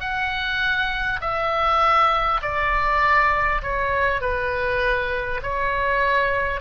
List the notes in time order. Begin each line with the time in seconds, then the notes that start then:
0.00 F#5
1.21 E5
2.41 D5
3.62 C#5
4.21 B4
5.42 C#5